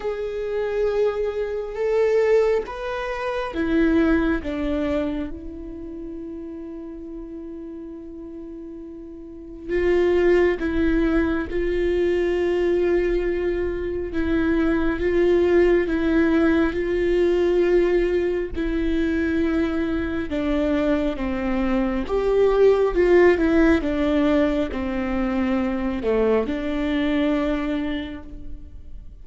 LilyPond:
\new Staff \with { instrumentName = "viola" } { \time 4/4 \tempo 4 = 68 gis'2 a'4 b'4 | e'4 d'4 e'2~ | e'2. f'4 | e'4 f'2. |
e'4 f'4 e'4 f'4~ | f'4 e'2 d'4 | c'4 g'4 f'8 e'8 d'4 | c'4. a8 d'2 | }